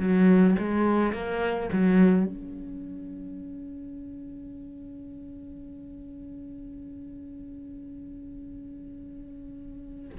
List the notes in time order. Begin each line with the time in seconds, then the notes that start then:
0.00 F#3
0.59 G#3
1.13 A#3
1.72 F#3
2.26 C#4